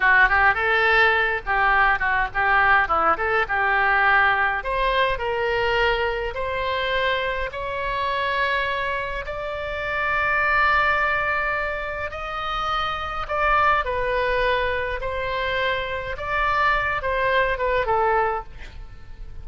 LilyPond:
\new Staff \with { instrumentName = "oboe" } { \time 4/4 \tempo 4 = 104 fis'8 g'8 a'4. g'4 fis'8 | g'4 e'8 a'8 g'2 | c''4 ais'2 c''4~ | c''4 cis''2. |
d''1~ | d''4 dis''2 d''4 | b'2 c''2 | d''4. c''4 b'8 a'4 | }